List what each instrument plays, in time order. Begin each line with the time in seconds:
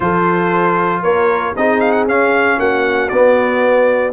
0.00 tuba F3, trombone F4, horn A4, trumpet C5
1.02 tuba A#3, horn A#4, trumpet C#5
1.56 tuba C4, trombone D#4, horn G#4, trumpet D#5
1.80 trumpet F5
1.91 trumpet F#5
2.06 tuba C#4, trombone C#4, trumpet F5
2.58 tuba A#3, horn F#4, trumpet F#5
3.08 tuba B3, trombone B3, trumpet D5